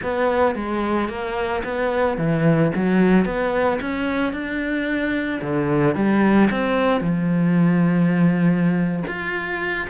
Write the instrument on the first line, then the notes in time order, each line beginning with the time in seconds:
cello
0.02 B3
0.55 G#3
1.08 A#3
1.63 B3
2.17 E3
2.75 F#3
3.25 B3
3.81 C#4
4.32 D4
5.41 D3
5.95 G3
6.50 C4
7.00 F3
9.07 F4